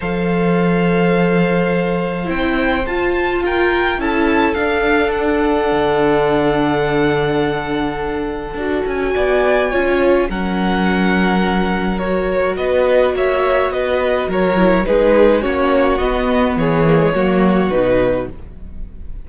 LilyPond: <<
  \new Staff \with { instrumentName = "violin" } { \time 4/4 \tempo 4 = 105 f''1 | g''4 a''4 g''4 a''4 | f''4 fis''2.~ | fis''2.~ fis''8 gis''8~ |
gis''2 fis''2~ | fis''4 cis''4 dis''4 e''4 | dis''4 cis''4 b'4 cis''4 | dis''4 cis''2 b'4 | }
  \new Staff \with { instrumentName = "violin" } { \time 4/4 c''1~ | c''2 ais'4 a'4~ | a'1~ | a'1 |
d''4 cis''4 ais'2~ | ais'2 b'4 cis''4 | b'4 ais'4 gis'4 fis'4~ | fis'4 gis'4 fis'2 | }
  \new Staff \with { instrumentName = "viola" } { \time 4/4 a'1 | e'4 f'2 e'4 | d'1~ | d'2. fis'4~ |
fis'4 f'4 cis'2~ | cis'4 fis'2.~ | fis'4. e'8 dis'4 cis'4 | b4. ais16 gis16 ais4 dis'4 | }
  \new Staff \with { instrumentName = "cello" } { \time 4/4 f1 | c'4 f'2 cis'4 | d'2 d2~ | d2. d'8 cis'8 |
b4 cis'4 fis2~ | fis2 b4 ais4 | b4 fis4 gis4 ais4 | b4 e4 fis4 b,4 | }
>>